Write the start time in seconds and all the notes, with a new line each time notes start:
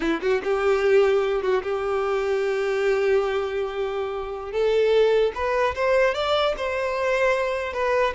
0.00 E4
0.21 F#4
0.43 G4
1.42 F#4
1.63 G4
4.52 A4
5.34 B4
5.75 C5
6.14 D5
6.57 C5
7.73 B4